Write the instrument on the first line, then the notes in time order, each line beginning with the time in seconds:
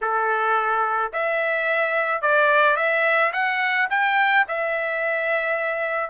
trumpet
0.01 A4
1.12 E5
2.21 D5
2.76 E5
3.32 F#5
3.89 G5
4.47 E5